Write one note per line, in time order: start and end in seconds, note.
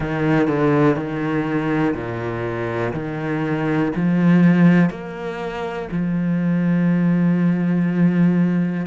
0.00 0.47 D#3
0.47 0.96 D3
0.96 1.94 D#3
1.94 2.93 A#2
2.93 3.92 D#3
3.95 4.90 F3
4.90 5.88 A#3
5.91 8.86 F3